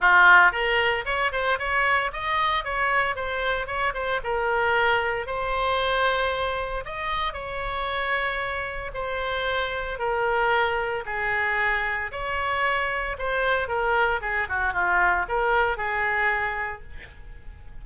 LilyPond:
\new Staff \with { instrumentName = "oboe" } { \time 4/4 \tempo 4 = 114 f'4 ais'4 cis''8 c''8 cis''4 | dis''4 cis''4 c''4 cis''8 c''8 | ais'2 c''2~ | c''4 dis''4 cis''2~ |
cis''4 c''2 ais'4~ | ais'4 gis'2 cis''4~ | cis''4 c''4 ais'4 gis'8 fis'8 | f'4 ais'4 gis'2 | }